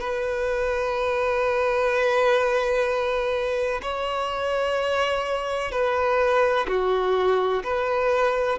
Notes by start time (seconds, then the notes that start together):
0.00 B4
3.82 C#5
5.71 B4
6.68 F#4
7.63 B4